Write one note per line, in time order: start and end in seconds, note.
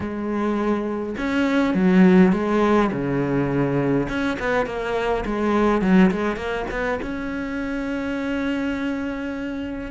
0.00 1.15 G#3
1.17 1.74 C#4
1.74 2.32 F#3
2.32 2.90 G#3
2.91 4.08 C#3
4.08 4.37 C#4
4.39 4.66 B3
4.66 5.24 A#3
5.25 5.81 G#3
5.81 6.10 F#3
6.11 6.36 G#3
6.36 6.65 A#3
6.70 7.00 B3
7.01 9.91 C#4